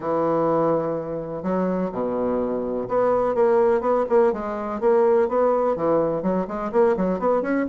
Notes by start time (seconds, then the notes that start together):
0.00 E3
1.42 F#3
1.92 B2
2.88 B3
3.35 A#3
3.81 B3
4.09 A#3
4.32 G#3
4.80 A#3
5.28 B3
5.76 E3
6.22 F#3
6.47 G#3
6.72 A#3
6.96 F#3
7.19 B3
7.41 C#4